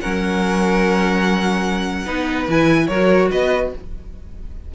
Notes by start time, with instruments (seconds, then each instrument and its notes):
0.00 cello F#3, viola C#4, violin A#4 F#5
2.05 cello B3, viola D#4, violin B4
2.47 cello E3, viola E4, violin G#5
2.87 cello F#3, viola F#4, violin A#4 C#5
3.31 cello B3, violin B4 D#5